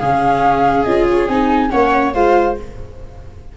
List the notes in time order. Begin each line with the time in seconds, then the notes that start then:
0.00 C#3 C#4 G#4 F5
0.84 C#4 F4 D#5
1.11 C#5
1.28 C4 D#4 G#5
1.70 A#3 C#4 C#5 F#5
2.14 G#3 F4 C5 F5